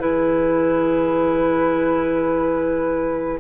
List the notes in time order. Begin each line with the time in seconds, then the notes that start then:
0.00 E3 E4 G#4 B4